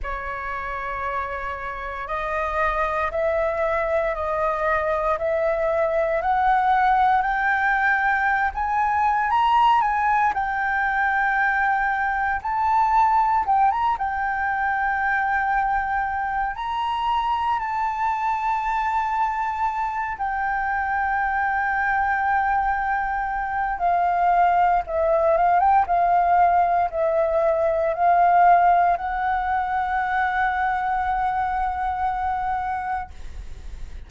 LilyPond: \new Staff \with { instrumentName = "flute" } { \time 4/4 \tempo 4 = 58 cis''2 dis''4 e''4 | dis''4 e''4 fis''4 g''4~ | g''16 gis''8. ais''8 gis''8 g''2 | a''4 g''16 ais''16 g''2~ g''8 |
ais''4 a''2~ a''8 g''8~ | g''2. f''4 | e''8 f''16 g''16 f''4 e''4 f''4 | fis''1 | }